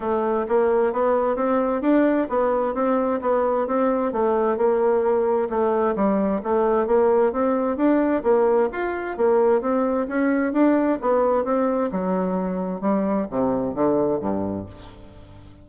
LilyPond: \new Staff \with { instrumentName = "bassoon" } { \time 4/4 \tempo 4 = 131 a4 ais4 b4 c'4 | d'4 b4 c'4 b4 | c'4 a4 ais2 | a4 g4 a4 ais4 |
c'4 d'4 ais4 f'4 | ais4 c'4 cis'4 d'4 | b4 c'4 fis2 | g4 c4 d4 g,4 | }